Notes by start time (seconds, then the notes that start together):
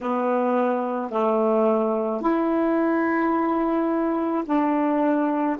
0.00 B3
1.10 A3
2.21 E4
4.45 D4